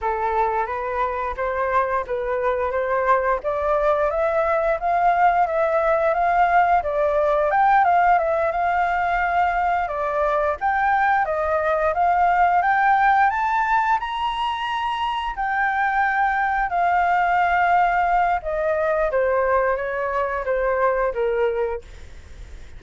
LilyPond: \new Staff \with { instrumentName = "flute" } { \time 4/4 \tempo 4 = 88 a'4 b'4 c''4 b'4 | c''4 d''4 e''4 f''4 | e''4 f''4 d''4 g''8 f''8 | e''8 f''2 d''4 g''8~ |
g''8 dis''4 f''4 g''4 a''8~ | a''8 ais''2 g''4.~ | g''8 f''2~ f''8 dis''4 | c''4 cis''4 c''4 ais'4 | }